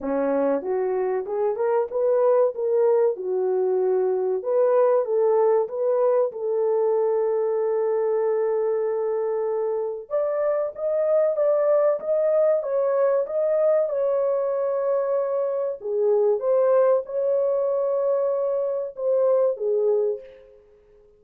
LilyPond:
\new Staff \with { instrumentName = "horn" } { \time 4/4 \tempo 4 = 95 cis'4 fis'4 gis'8 ais'8 b'4 | ais'4 fis'2 b'4 | a'4 b'4 a'2~ | a'1 |
d''4 dis''4 d''4 dis''4 | cis''4 dis''4 cis''2~ | cis''4 gis'4 c''4 cis''4~ | cis''2 c''4 gis'4 | }